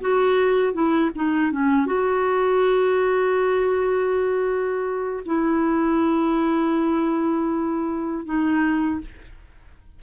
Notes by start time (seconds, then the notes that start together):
0.00 F#4
0.73 E4
1.15 D#4
1.51 C#4
1.85 F#4
5.25 E4
8.25 D#4